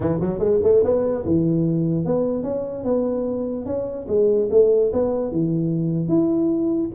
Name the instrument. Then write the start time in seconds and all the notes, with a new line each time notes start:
tuba
0.00 E3
0.20 F#3
0.39 G#3
0.63 A3
0.83 B3
1.25 E3
2.05 B3
2.43 C#4
2.84 B3
3.65 C#4
4.08 G#3
4.51 A3
4.92 B3
5.31 E3
6.08 E4